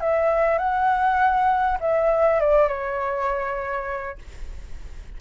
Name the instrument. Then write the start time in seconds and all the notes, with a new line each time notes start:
flute
0.00 E5
0.58 F#5
1.80 E5
2.40 D5
2.68 C#5